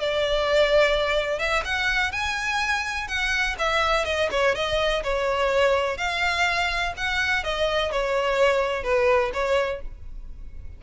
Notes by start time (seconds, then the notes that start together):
0.00 D5
1.39 E5
1.65 F#5
2.12 G#5
3.08 F#5
3.59 E5
4.06 D#5
4.32 C#5
4.55 D#5
5.04 C#5
5.98 F5
6.97 F#5
7.44 D#5
7.92 C#5
8.84 B4
9.34 C#5